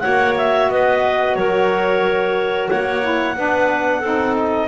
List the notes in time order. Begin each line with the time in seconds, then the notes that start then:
0.00 A#3 F#4 C#5 F#5
0.37 E5
0.69 B3 B4 D#5
1.35 F#3 A#4 C#5
2.69 A#3 C#5 F#5
3.02 E4
3.36 B3 D4 B4
4.00 C4 D#4 A4
4.37 D#5